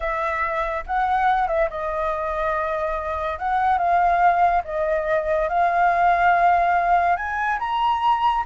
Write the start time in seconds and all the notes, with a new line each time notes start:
0.00 E5
0.86 F#5
1.47 E5
1.70 D#5
3.39 F#5
3.78 F5
4.64 D#5
5.48 F5
7.16 G#5
7.59 A#5